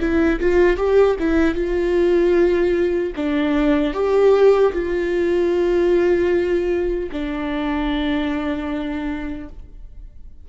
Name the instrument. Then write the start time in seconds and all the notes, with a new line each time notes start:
viola
0.00 E4
0.40 F4
0.77 G4
1.19 E4
1.55 F4
3.16 D4
3.94 G4
4.73 F4
7.12 D4